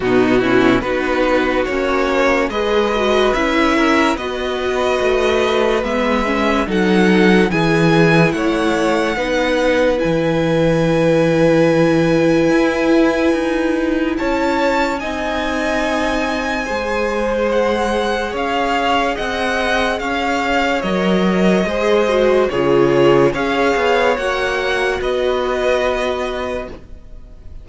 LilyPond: <<
  \new Staff \with { instrumentName = "violin" } { \time 4/4 \tempo 4 = 72 fis'4 b'4 cis''4 dis''4 | e''4 dis''2 e''4 | fis''4 gis''4 fis''2 | gis''1~ |
gis''4 a''4 gis''2~ | gis''4 fis''4 f''4 fis''4 | f''4 dis''2 cis''4 | f''4 fis''4 dis''2 | }
  \new Staff \with { instrumentName = "violin" } { \time 4/4 dis'8 e'8 fis'2 b'4~ | b'8 ais'8 b'2. | a'4 gis'4 cis''4 b'4~ | b'1~ |
b'4 cis''4 dis''2 | c''2 cis''4 dis''4 | cis''2 c''4 gis'4 | cis''2 b'2 | }
  \new Staff \with { instrumentName = "viola" } { \time 4/4 b8 cis'8 dis'4 cis'4 gis'8 fis'8 | e'4 fis'2 b8 cis'8 | dis'4 e'2 dis'4 | e'1~ |
e'2 dis'2 | gis'1~ | gis'4 ais'4 gis'8 fis'8 f'4 | gis'4 fis'2. | }
  \new Staff \with { instrumentName = "cello" } { \time 4/4 b,4 b4 ais4 gis4 | cis'4 b4 a4 gis4 | fis4 e4 a4 b4 | e2. e'4 |
dis'4 cis'4 c'2 | gis2 cis'4 c'4 | cis'4 fis4 gis4 cis4 | cis'8 b8 ais4 b2 | }
>>